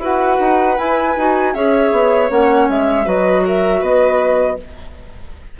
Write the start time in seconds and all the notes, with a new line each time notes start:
0.00 E4 F#4 B4 F#5
0.40 D#4
0.77 E4 G#5
1.17 D#4 F#4
1.54 C#4 G#4 C#5 E5
1.92 B3
2.30 A#3 C#4 F#5
2.69 G#3 E5
3.05 F#3 F#4 B4 D#5
3.46 A#4 E5
3.81 B3 B4 D#5